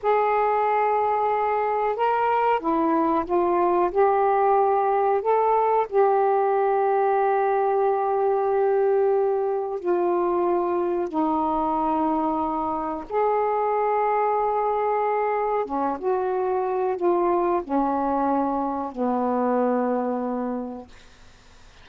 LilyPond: \new Staff \with { instrumentName = "saxophone" } { \time 4/4 \tempo 4 = 92 gis'2. ais'4 | e'4 f'4 g'2 | a'4 g'2.~ | g'2. f'4~ |
f'4 dis'2. | gis'1 | cis'8 fis'4. f'4 cis'4~ | cis'4 b2. | }